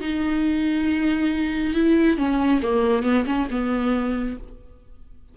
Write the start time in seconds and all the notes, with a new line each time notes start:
0.00 D#4
1.74 E4
2.17 C#4
2.62 A#3
3.03 B3
3.26 C#4
3.50 B3